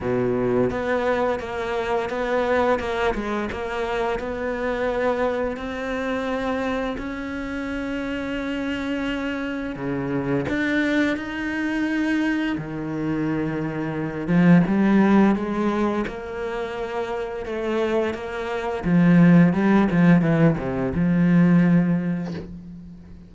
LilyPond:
\new Staff \with { instrumentName = "cello" } { \time 4/4 \tempo 4 = 86 b,4 b4 ais4 b4 | ais8 gis8 ais4 b2 | c'2 cis'2~ | cis'2 cis4 d'4 |
dis'2 dis2~ | dis8 f8 g4 gis4 ais4~ | ais4 a4 ais4 f4 | g8 f8 e8 c8 f2 | }